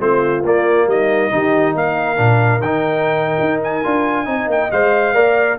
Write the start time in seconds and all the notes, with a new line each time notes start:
0.00 A3 C4 F4 C5
0.43 A#3 D5
0.87 G3 D#4 D#5
1.31 D#3 D#4 G4
1.76 A#3 A#4 F5
2.17 A#2 D4
2.61 D#3 D#4 G5
3.40 D#4
3.64 G#5
3.84 D4 F4
4.26 C4 D#4 D#5
4.48 A#3 G5
4.72 G#3 C5 F5
5.14 A#3 A#4 D5